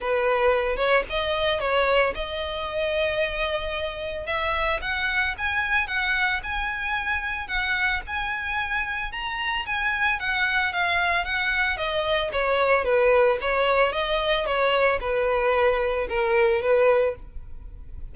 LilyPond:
\new Staff \with { instrumentName = "violin" } { \time 4/4 \tempo 4 = 112 b'4. cis''8 dis''4 cis''4 | dis''1 | e''4 fis''4 gis''4 fis''4 | gis''2 fis''4 gis''4~ |
gis''4 ais''4 gis''4 fis''4 | f''4 fis''4 dis''4 cis''4 | b'4 cis''4 dis''4 cis''4 | b'2 ais'4 b'4 | }